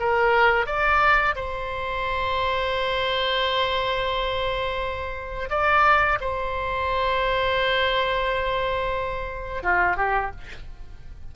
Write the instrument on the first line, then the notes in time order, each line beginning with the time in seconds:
oboe
0.00 A#4
0.66 D5
1.36 C5
5.50 D5
6.21 C5
9.64 F4
9.97 G4